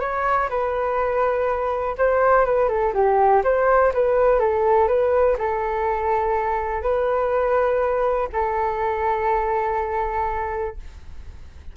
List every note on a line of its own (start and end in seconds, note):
0.00 0.49 C#5
0.49 1.96 B4
1.98 2.45 C5
2.45 2.68 B4
2.68 2.93 A4
2.94 3.42 G4
3.44 3.93 C5
3.94 4.39 B4
4.39 4.88 A4
4.88 5.36 B4
5.38 6.82 A4
6.82 8.29 B4
8.33 10.76 A4